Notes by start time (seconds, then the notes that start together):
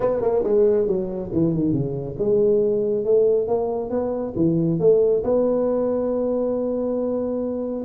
0.00 B3
0.21 A#3
0.43 G#3
0.87 F#3
1.32 E3
1.54 D#3
1.72 C#3
2.18 G#3
3.04 A3
3.47 A#3
3.90 B3
4.36 E3
4.79 A3
5.23 B3